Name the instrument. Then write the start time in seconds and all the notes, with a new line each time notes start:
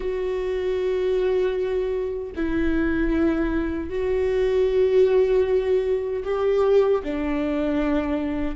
viola
0.00 F#4
2.35 E4
3.89 F#4
6.24 G4
7.03 D4